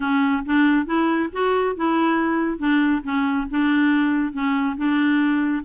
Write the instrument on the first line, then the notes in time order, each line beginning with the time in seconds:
clarinet
0.00 C#4
0.45 D4
0.86 E4
1.32 F#4
1.75 E4
2.58 D4
3.03 C#4
3.50 D4
4.32 C#4
4.77 D4